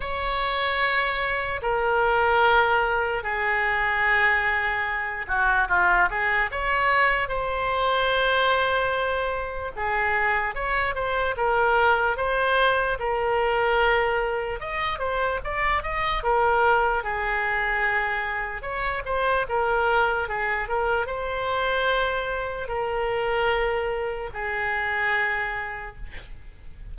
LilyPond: \new Staff \with { instrumentName = "oboe" } { \time 4/4 \tempo 4 = 74 cis''2 ais'2 | gis'2~ gis'8 fis'8 f'8 gis'8 | cis''4 c''2. | gis'4 cis''8 c''8 ais'4 c''4 |
ais'2 dis''8 c''8 d''8 dis''8 | ais'4 gis'2 cis''8 c''8 | ais'4 gis'8 ais'8 c''2 | ais'2 gis'2 | }